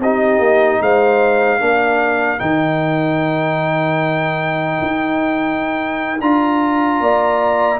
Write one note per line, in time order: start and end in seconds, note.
0.00 0.39 C4
0.00 1.60 D#4
0.00 0.83 G4
0.00 0.83 D#5
0.39 0.79 A#3
0.81 1.61 G#3
0.81 1.62 C5
0.81 2.40 F5
1.60 2.41 A#3
1.60 2.39 D4
1.60 7.01 A#4
2.39 4.82 D#3
2.39 6.19 D#4
2.39 6.20 G5
4.82 6.21 D#4
6.21 7.01 D4
6.21 7.80 F4
6.21 7.80 A#5
7.01 7.80 A#3
7.01 7.80 D5